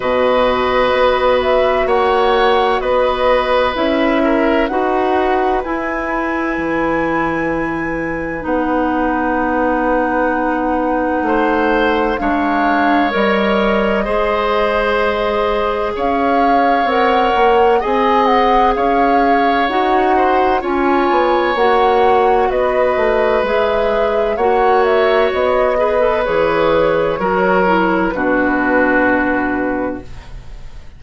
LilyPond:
<<
  \new Staff \with { instrumentName = "flute" } { \time 4/4 \tempo 4 = 64 dis''4. e''8 fis''4 dis''4 | e''4 fis''4 gis''2~ | gis''4 fis''2.~ | fis''4 f''4 dis''2~ |
dis''4 f''4 fis''4 gis''8 fis''8 | f''4 fis''4 gis''4 fis''4 | dis''4 e''4 fis''8 e''8 dis''4 | cis''2 b'2 | }
  \new Staff \with { instrumentName = "oboe" } { \time 4/4 b'2 cis''4 b'4~ | b'8 ais'8 b'2.~ | b'1 | c''4 cis''2 c''4~ |
c''4 cis''2 dis''4 | cis''4. c''8 cis''2 | b'2 cis''4. b'8~ | b'4 ais'4 fis'2 | }
  \new Staff \with { instrumentName = "clarinet" } { \time 4/4 fis'1 | e'4 fis'4 e'2~ | e'4 dis'2.~ | dis'4 d'4 ais'4 gis'4~ |
gis'2 ais'4 gis'4~ | gis'4 fis'4 f'4 fis'4~ | fis'4 gis'4 fis'4. gis'16 a'16 | gis'4 fis'8 e'8 d'2 | }
  \new Staff \with { instrumentName = "bassoon" } { \time 4/4 b,4 b4 ais4 b4 | cis'4 dis'4 e'4 e4~ | e4 b2. | a4 gis4 g4 gis4~ |
gis4 cis'4 c'8 ais8 c'4 | cis'4 dis'4 cis'8 b8 ais4 | b8 a8 gis4 ais4 b4 | e4 fis4 b,2 | }
>>